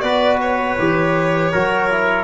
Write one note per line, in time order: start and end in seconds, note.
0.00 0.76 B3
0.00 0.77 F#4
0.00 1.52 B4
0.00 0.37 D5
0.41 2.24 C#5
0.78 1.52 E3
0.78 1.53 G4
1.52 2.24 F#3
1.52 1.90 F#4
1.52 2.24 A#4
1.90 2.24 E4